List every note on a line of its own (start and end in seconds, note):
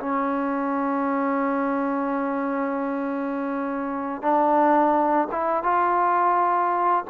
0.00 4.23 C#4
4.23 5.28 D4
5.32 5.63 E4
5.63 7.05 F4